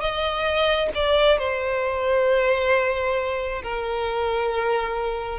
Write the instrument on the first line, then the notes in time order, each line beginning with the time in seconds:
violin
0.00 D#5
0.94 D5
1.38 C5
3.63 A#4